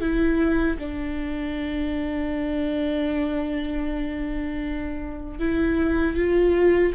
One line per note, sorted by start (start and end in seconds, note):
0.00 0.77 E4
0.78 5.39 D4
5.39 6.16 E4
6.16 6.93 F4